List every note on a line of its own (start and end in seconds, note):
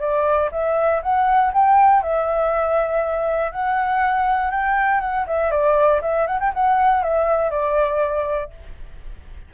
0.00 0.50 D5
0.52 1.02 E5
1.02 1.52 F#5
1.53 2.02 G5
2.02 3.52 E5
3.52 4.51 F#5
4.51 5.00 G5
5.00 5.25 F#5
5.27 5.51 E5
5.51 6.01 D5
6.02 6.27 E5
6.27 6.39 F#5
6.40 6.52 G5
6.54 7.03 F#5
7.03 7.50 E5
7.50 8.50 D5